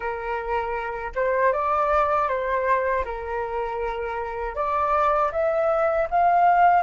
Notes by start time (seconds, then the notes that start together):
0.00 A#4
1.15 C5
1.52 D5
2.28 C5
3.04 A#4
4.55 D5
5.32 E5
6.10 F5